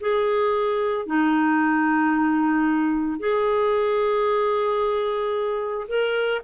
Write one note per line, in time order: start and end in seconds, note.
0.00 1.06 G#4
1.06 3.19 D#4
3.19 5.87 G#4
5.88 6.41 A#4